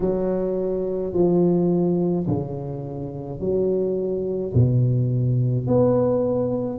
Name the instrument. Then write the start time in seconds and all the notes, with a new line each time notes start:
tuba
0.00 F#3
1.13 F3
2.27 C#3
3.40 F#3
4.53 B2
5.67 B3